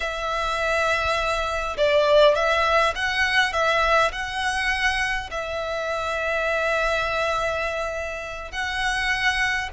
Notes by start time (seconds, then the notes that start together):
0.00 E5
1.77 D5
2.35 E5
2.95 F#5
3.53 E5
4.12 F#5
5.30 E5
8.51 F#5